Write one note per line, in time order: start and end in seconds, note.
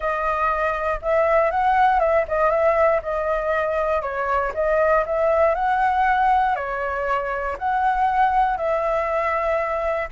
0.00 1.00 D#5
1.02 1.50 E5
1.50 1.99 F#5
1.99 2.24 E5
2.27 2.50 D#5
2.50 3.00 E5
3.02 4.02 D#5
4.02 4.52 C#5
4.54 5.04 D#5
5.06 5.54 E5
5.54 6.55 F#5
6.55 7.56 C#5
7.58 8.57 F#5
8.57 10.08 E5